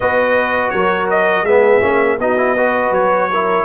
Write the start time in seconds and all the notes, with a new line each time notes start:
0.00 B3 F#4 B4 D#5
0.70 F#3 A#4 C#5
1.10 D#5
1.42 G#3 B3 G#4 E5
1.81 A#3 C#4
2.19 B3 D#4 F#4 D#5
2.37 E4
2.56 F#4 B4
2.90 F#3 C#5
3.30 E4 A#4